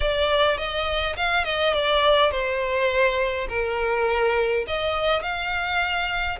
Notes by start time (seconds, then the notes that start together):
0.00 D5
0.57 D#5
1.16 F5
1.44 D#5
1.73 D5
2.31 C5
3.48 A#4
4.67 D#5
5.22 F5